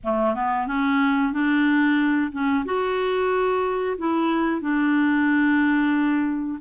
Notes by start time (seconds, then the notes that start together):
0.03 A3
0.34 B3
0.67 C#4
1.32 D4
2.31 C#4
2.65 F#4
3.98 E4
4.61 D4